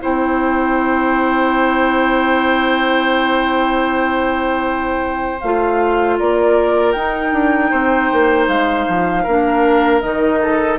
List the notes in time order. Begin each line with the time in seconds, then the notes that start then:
0.00 C4 E4 C5 G5
5.41 A3 F4 F5
6.18 A#3 A#4 D5
6.92 D#4 G5
7.33 D4
7.71 C4 C5
8.12 A#3
8.48 G#3 F5
8.88 F3
9.23 A#3 D4 A#4
10.01 D#3 D#4 D#5
10.41 A4